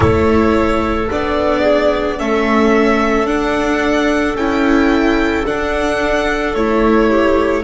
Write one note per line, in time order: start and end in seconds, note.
0.00 1.09 A3
0.00 1.07 E4
0.00 1.61 A4
0.00 1.09 C#5
1.10 2.20 B3
1.10 2.18 D4
1.10 2.19 D5
1.61 2.15 G#4
2.18 3.25 A3
2.18 3.27 C#4
2.18 7.09 A4
2.18 3.27 E5
3.25 4.34 D4
3.25 4.36 D4
3.25 4.36 F#5
4.34 5.43 C#4
4.34 5.45 E4
4.34 5.45 G5
5.45 6.54 D4
5.45 6.54 F#5
6.54 7.63 A3
6.54 7.63 E4
6.54 7.63 C#5
7.09 7.63 G4